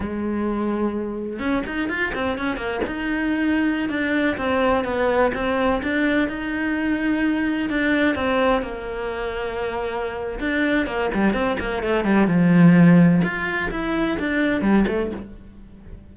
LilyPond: \new Staff \with { instrumentName = "cello" } { \time 4/4 \tempo 4 = 127 gis2. cis'8 dis'8 | f'8 c'8 cis'8 ais8 dis'2~ | dis'16 d'4 c'4 b4 c'8.~ | c'16 d'4 dis'2~ dis'8.~ |
dis'16 d'4 c'4 ais4.~ ais16~ | ais2 d'4 ais8 g8 | c'8 ais8 a8 g8 f2 | f'4 e'4 d'4 g8 a8 | }